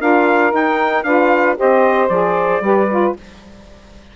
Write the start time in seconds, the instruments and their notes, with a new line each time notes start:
0.00 bassoon D4, saxophone F4 A#4, trumpet F5
0.51 saxophone D#4, bassoon D#4, trumpet G5
1.04 bassoon D4, saxophone F4 B4, trumpet F5
1.57 bassoon C4, saxophone G4 C5, trumpet D#5
2.09 bassoon F3, saxophone G#4, trumpet D5
2.61 bassoon G3, saxophone G4 B4
2.90 saxophone F4